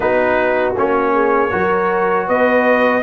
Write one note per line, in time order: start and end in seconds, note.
0.00 0.74 B3
0.00 0.74 D#4
0.00 1.13 F#4
0.00 0.73 B4
0.76 1.52 A#3
0.76 1.50 C#4
0.76 2.28 C#5
1.13 1.51 G#4
1.50 2.28 F#3
1.50 3.02 F#4
1.50 2.26 A#4
2.26 3.03 B3
2.26 3.02 B4
2.26 3.03 D#5